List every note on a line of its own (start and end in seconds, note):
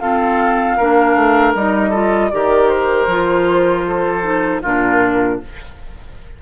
0.00 0.79 C4
0.00 0.78 F4
0.00 0.77 A4
0.00 1.54 F5
0.77 1.15 A#3
0.77 1.57 D4
0.77 1.90 A#4
1.15 1.54 A3
1.55 2.32 G3
1.55 1.93 D#4
1.55 2.30 D#5
1.90 2.31 F4
1.90 2.28 A4
2.30 3.07 D#3
2.30 3.08 G4
2.30 3.87 A#4
2.30 2.69 D5
2.69 4.61 C5
3.07 4.61 F3
3.07 4.22 F4
3.87 4.62 A4
4.22 4.61 D#4
4.62 5.41 A#2
4.62 5.42 D4
4.62 5.39 F4
4.62 5.41 A#4